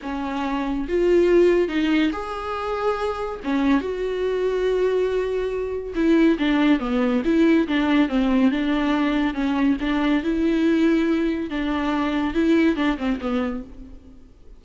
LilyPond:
\new Staff \with { instrumentName = "viola" } { \time 4/4 \tempo 4 = 141 cis'2 f'2 | dis'4 gis'2. | cis'4 fis'2.~ | fis'2 e'4 d'4 |
b4 e'4 d'4 c'4 | d'2 cis'4 d'4 | e'2. d'4~ | d'4 e'4 d'8 c'8 b4 | }